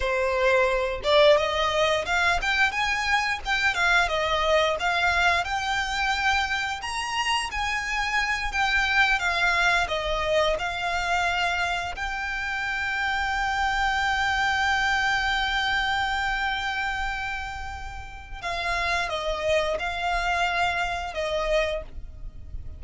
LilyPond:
\new Staff \with { instrumentName = "violin" } { \time 4/4 \tempo 4 = 88 c''4. d''8 dis''4 f''8 g''8 | gis''4 g''8 f''8 dis''4 f''4 | g''2 ais''4 gis''4~ | gis''8 g''4 f''4 dis''4 f''8~ |
f''4. g''2~ g''8~ | g''1~ | g''2. f''4 | dis''4 f''2 dis''4 | }